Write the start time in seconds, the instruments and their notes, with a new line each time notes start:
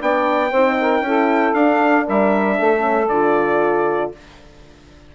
0.00 bassoon B3, horn D4, saxophone D5, trumpet G5
0.50 bassoon C4, horn D#4, saxophone C5
0.80 saxophone A#4
1.00 bassoon C#4, horn E4, saxophone A4
1.54 bassoon D4, horn D4, trumpet F5
2.05 bassoon G3, saxophone A#4, trumpet E5
2.58 bassoon A3, saxophone A4
2.78 horn C#4
3.08 bassoon D3, horn F4, trumpet D5